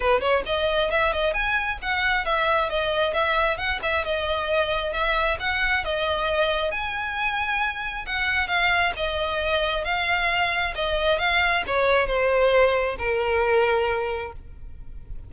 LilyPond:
\new Staff \with { instrumentName = "violin" } { \time 4/4 \tempo 4 = 134 b'8 cis''8 dis''4 e''8 dis''8 gis''4 | fis''4 e''4 dis''4 e''4 | fis''8 e''8 dis''2 e''4 | fis''4 dis''2 gis''4~ |
gis''2 fis''4 f''4 | dis''2 f''2 | dis''4 f''4 cis''4 c''4~ | c''4 ais'2. | }